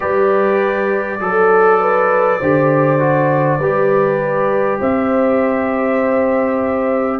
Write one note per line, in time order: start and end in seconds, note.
0.00 1.19 G3
0.00 1.19 G4
0.00 1.21 B4
0.00 4.79 D5
1.19 2.39 F#3
1.19 2.40 A4
1.19 1.80 A4
1.80 2.39 B4
2.39 3.58 D3
2.39 2.99 G4
2.39 3.58 C5
2.99 3.59 F#4
3.58 4.78 G3
3.58 7.20 G4
3.58 4.79 B4
4.79 7.20 C4
4.79 7.19 C5
4.79 7.20 E5